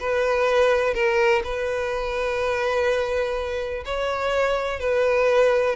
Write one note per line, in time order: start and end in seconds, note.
0.00 0.94 B4
0.94 1.42 A#4
1.44 3.84 B4
3.85 4.80 C#5
4.80 5.76 B4